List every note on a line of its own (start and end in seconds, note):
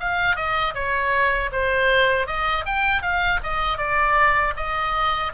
0.00 0.36 F5
0.36 0.74 D#5
0.75 1.51 C#5
1.52 2.27 C5
2.27 2.65 D#5
2.66 3.02 G5
3.02 3.40 F5
3.43 3.78 D#5
3.78 4.54 D5
4.57 5.33 D#5